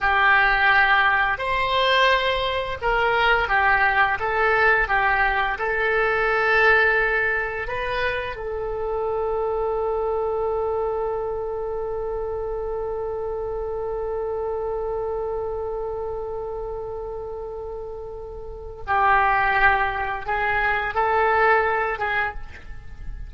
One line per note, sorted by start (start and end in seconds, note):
0.01 1.38 G4
1.38 2.77 C5
2.81 3.48 A#4
3.48 4.18 G4
4.19 4.88 A4
4.88 5.58 G4
5.58 7.67 A4
7.67 8.36 B4
8.36 18.82 A4
18.87 20.25 G4
20.25 20.94 G#4
20.94 21.99 A4
21.99 22.34 G#4